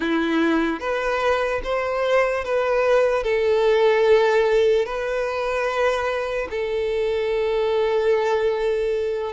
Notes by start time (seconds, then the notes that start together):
0.00 E4
0.80 B4
1.63 C5
2.44 B4
3.23 A4
4.85 B4
6.50 A4